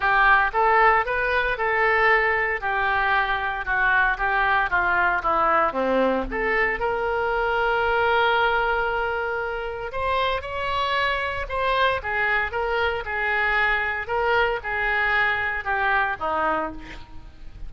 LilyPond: \new Staff \with { instrumentName = "oboe" } { \time 4/4 \tempo 4 = 115 g'4 a'4 b'4 a'4~ | a'4 g'2 fis'4 | g'4 f'4 e'4 c'4 | a'4 ais'2.~ |
ais'2. c''4 | cis''2 c''4 gis'4 | ais'4 gis'2 ais'4 | gis'2 g'4 dis'4 | }